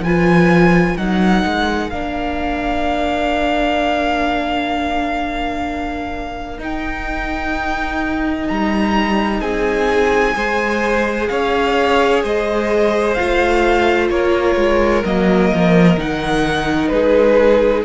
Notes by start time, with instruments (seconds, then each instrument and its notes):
0.00 cello F3, violin B4 G#5
0.06 viola F4
0.97 cello F#3, viola D#4, violin A#4 F#5
1.45 cello G#3
1.90 cello A#3, viola D4, violin F5
6.59 cello D#4, viola D#4, violin G5
8.48 cello G3, violin A#5
9.41 cello C4, violin G#4 G#5
10.34 cello G#3, viola G#4, violin C5
11.28 cello C#4, violin C#5 F5
12.24 cello G#3, violin C5 D#5
13.14 viola F4, violin F5
13.20 cello A3
14.10 cello A#3, violin A#4 C#5
14.56 cello G#3
15.05 cello F#3, viola A#3, violin D#5
15.54 cello F3
15.98 cello D#3, viola D#4, violin F#5
16.88 cello G#3, violin G#4 B4